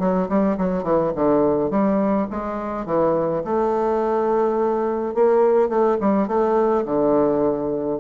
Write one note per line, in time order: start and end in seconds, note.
0.00 0.29 F#3
0.29 0.58 G3
0.58 0.84 F#3
0.84 1.12 E3
1.16 1.71 D3
1.71 2.28 G3
2.31 2.86 G#3
2.86 3.43 E3
3.45 5.15 A3
5.15 5.69 A#3
5.69 5.98 A3
6.01 6.28 G3
6.28 6.85 A3
6.86 8.00 D3